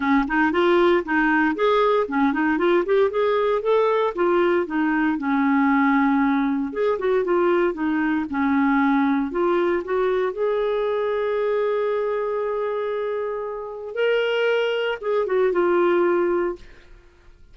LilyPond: \new Staff \with { instrumentName = "clarinet" } { \time 4/4 \tempo 4 = 116 cis'8 dis'8 f'4 dis'4 gis'4 | cis'8 dis'8 f'8 g'8 gis'4 a'4 | f'4 dis'4 cis'2~ | cis'4 gis'8 fis'8 f'4 dis'4 |
cis'2 f'4 fis'4 | gis'1~ | gis'2. ais'4~ | ais'4 gis'8 fis'8 f'2 | }